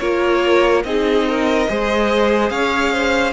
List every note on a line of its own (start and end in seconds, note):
0.00 0.85 A#3
0.00 0.85 F4
0.00 0.84 A#4
0.00 0.83 C#5
0.84 1.68 C4
0.84 1.68 D#4
0.84 1.29 G#4
0.84 2.50 D#5
1.29 1.70 A#4
1.68 2.51 G#3
1.68 3.33 G#4
1.68 2.52 C5
2.50 3.33 C#4
2.50 2.93 C#5
2.50 3.33 F5
2.93 3.33 C5